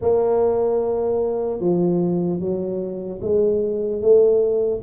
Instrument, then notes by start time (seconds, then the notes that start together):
tuba
0.01 A#3
1.60 F3
2.40 F#3
3.21 G#3
4.01 A3